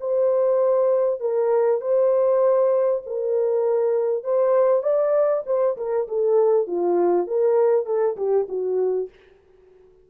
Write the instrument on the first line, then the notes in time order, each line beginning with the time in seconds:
horn
0.00 C5
1.20 A#4
1.81 C5
3.06 A#4
4.24 C5
4.82 D5
5.46 C5
5.77 A#4
6.08 A4
6.67 F4
7.27 A#4
7.86 A4
8.17 G4
8.48 F#4